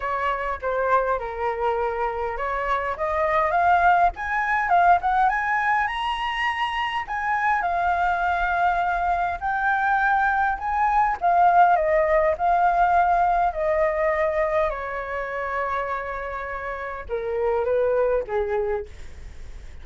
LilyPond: \new Staff \with { instrumentName = "flute" } { \time 4/4 \tempo 4 = 102 cis''4 c''4 ais'2 | cis''4 dis''4 f''4 gis''4 | f''8 fis''8 gis''4 ais''2 | gis''4 f''2. |
g''2 gis''4 f''4 | dis''4 f''2 dis''4~ | dis''4 cis''2.~ | cis''4 ais'4 b'4 gis'4 | }